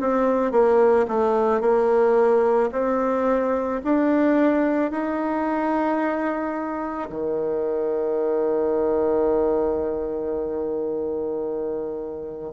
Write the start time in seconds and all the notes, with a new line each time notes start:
0.00 C4
0.52 A#3
1.09 A3
1.61 A#3
2.72 C4
3.84 D4
4.91 D#4
7.10 D#3